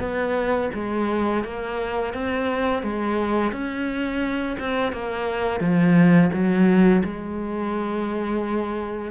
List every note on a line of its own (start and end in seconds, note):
0.00 0.70 B3
0.74 1.44 G#3
1.44 2.13 A#3
2.13 2.83 C4
2.83 3.52 G#3
3.52 4.57 C#4
4.59 4.92 C4
4.92 5.60 A#3
5.60 6.30 F3
6.33 7.03 F#3
7.04 9.11 G#3